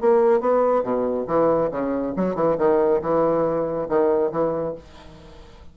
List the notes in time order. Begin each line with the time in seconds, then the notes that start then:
0.00 A#3
0.40 B3
0.83 B2
1.27 E3
1.71 C#3
2.16 F#3
2.35 E3
2.58 D#3
3.02 E3
3.89 D#3
4.31 E3